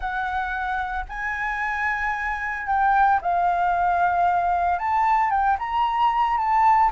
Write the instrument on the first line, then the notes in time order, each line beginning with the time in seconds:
flute
0.00 F#5
1.08 G#5
2.66 G5
3.21 F5
4.79 A5
5.30 G5
5.58 A#5
6.37 A5